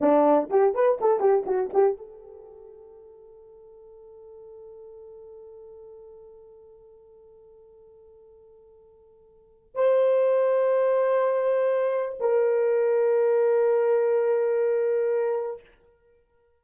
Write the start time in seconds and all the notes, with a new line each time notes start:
0.00 D4
0.50 G4
0.74 B4
1.00 A4
1.20 G4
1.45 F#4
1.73 G4
1.97 A4
9.74 C5
12.20 A#4